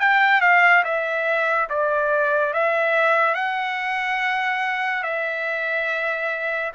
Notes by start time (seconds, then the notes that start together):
0.00 G5
0.41 F5
0.85 E5
1.70 D5
2.54 E5
3.35 F#5
5.04 E5